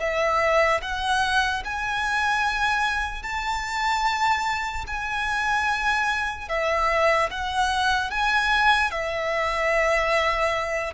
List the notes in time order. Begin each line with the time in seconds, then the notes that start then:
0.00 E5
0.82 F#5
1.65 G#5
3.22 A5
4.87 G#5
6.49 E5
7.30 F#5
8.10 G#5
8.91 E5